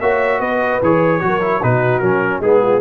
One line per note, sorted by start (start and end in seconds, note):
0.00 0.40 A#3
0.00 0.83 F#4
0.00 0.40 C#5
0.00 0.41 E5
0.40 0.81 B3
0.40 1.21 B4
0.40 0.81 D#5
0.82 1.22 E3
0.82 1.21 G#4
0.82 1.63 C#5
1.21 1.63 F#3
1.21 1.41 F#4
1.21 1.61 A#4
1.41 1.61 E4
1.61 2.02 B2
1.61 2.03 D#4
1.61 2.41 F#4
1.61 1.99 B4
1.99 2.41 F#3
1.99 2.43 C#4
1.99 2.40 A#4
2.41 2.81 G#3
2.41 2.82 B3
2.41 2.61 D#4
2.41 2.82 G#4
2.63 2.82 F4